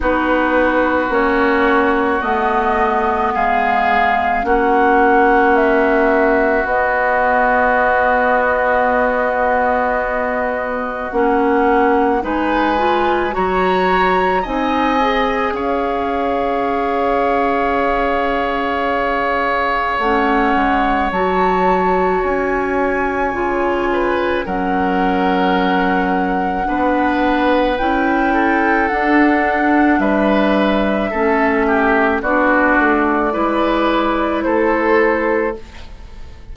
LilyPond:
<<
  \new Staff \with { instrumentName = "flute" } { \time 4/4 \tempo 4 = 54 b'4 cis''4 dis''4 f''4 | fis''4 e''4 dis''2~ | dis''2 fis''4 gis''4 | ais''4 gis''4 f''2~ |
f''2 fis''4 a''4 | gis''2 fis''2~ | fis''4 g''4 fis''4 e''4~ | e''4 d''2 c''4 | }
  \new Staff \with { instrumentName = "oboe" } { \time 4/4 fis'2. gis'4 | fis'1~ | fis'2. b'4 | cis''4 dis''4 cis''2~ |
cis''1~ | cis''4. b'8 ais'2 | b'4. a'4. b'4 | a'8 g'8 fis'4 b'4 a'4 | }
  \new Staff \with { instrumentName = "clarinet" } { \time 4/4 dis'4 cis'4 b2 | cis'2 b2~ | b2 cis'4 dis'8 f'8 | fis'4 dis'8 gis'2~ gis'8~ |
gis'2 cis'4 fis'4~ | fis'4 f'4 cis'2 | d'4 e'4 d'2 | cis'4 d'4 e'2 | }
  \new Staff \with { instrumentName = "bassoon" } { \time 4/4 b4 ais4 a4 gis4 | ais2 b2~ | b2 ais4 gis4 | fis4 c'4 cis'2~ |
cis'2 a8 gis8 fis4 | cis'4 cis4 fis2 | b4 cis'4 d'4 g4 | a4 b8 a8 gis4 a4 | }
>>